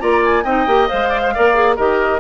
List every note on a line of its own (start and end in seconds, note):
0.00 0.45 A#3
0.00 0.44 F4
0.00 0.44 D5
0.00 0.23 A#5
0.25 0.45 G#5
0.44 0.67 C4
0.44 0.67 D#4
0.44 1.09 D#5
0.44 0.88 G5
0.67 0.89 A#3
0.67 0.88 G4
0.88 1.37 G#3
0.88 1.32 C5
0.88 1.76 F5
1.09 1.20 D5
1.23 1.34 C5
1.34 1.79 A#3
1.34 1.54 A#4
1.34 1.76 D5
1.54 1.76 G#4
1.76 2.20 D#3
1.76 2.20 G4
1.76 2.20 A#4
1.76 2.20 D#5